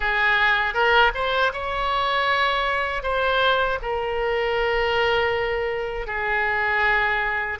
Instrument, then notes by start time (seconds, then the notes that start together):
oboe
0.00 G#4
0.74 A#4
1.14 C5
1.52 C#5
3.02 C5
3.81 A#4
6.06 G#4